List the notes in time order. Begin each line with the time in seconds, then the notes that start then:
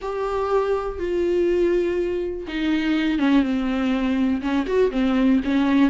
0.01 G4
0.98 F4
2.47 D#4
3.18 C#4
3.42 C4
4.41 C#4
4.66 F#4
4.91 C4
5.44 C#4